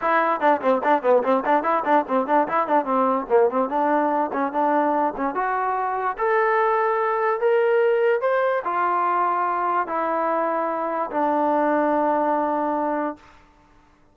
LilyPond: \new Staff \with { instrumentName = "trombone" } { \time 4/4 \tempo 4 = 146 e'4 d'8 c'8 d'8 b8 c'8 d'8 | e'8 d'8 c'8 d'8 e'8 d'8 c'4 | ais8 c'8 d'4. cis'8 d'4~ | d'8 cis'8 fis'2 a'4~ |
a'2 ais'2 | c''4 f'2. | e'2. d'4~ | d'1 | }